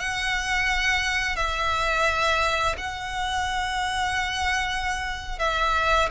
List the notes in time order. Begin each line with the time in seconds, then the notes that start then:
0.00 F#5
1.36 E5
2.78 F#5
5.39 E5